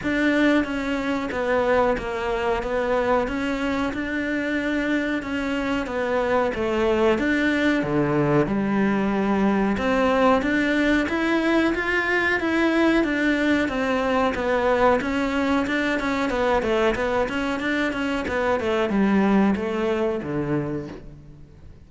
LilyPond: \new Staff \with { instrumentName = "cello" } { \time 4/4 \tempo 4 = 92 d'4 cis'4 b4 ais4 | b4 cis'4 d'2 | cis'4 b4 a4 d'4 | d4 g2 c'4 |
d'4 e'4 f'4 e'4 | d'4 c'4 b4 cis'4 | d'8 cis'8 b8 a8 b8 cis'8 d'8 cis'8 | b8 a8 g4 a4 d4 | }